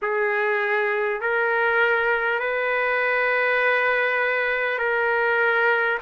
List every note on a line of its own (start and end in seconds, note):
0.02 1.20 G#4
1.20 2.39 A#4
2.39 4.78 B4
4.78 5.98 A#4